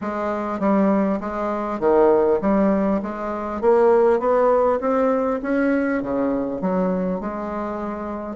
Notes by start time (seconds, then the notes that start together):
0.01 G#3
0.59 G3
1.20 G#3
1.79 D#3
2.41 G3
3.02 G#3
3.61 A#3
4.19 B3
4.80 C4
5.42 C#4
6.02 C#3
6.61 F#3
7.20 G#3